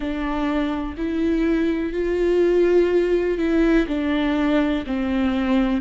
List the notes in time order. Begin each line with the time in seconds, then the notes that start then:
0.00 D4
0.97 E4
1.93 F4
3.38 E4
3.87 D4
4.86 C4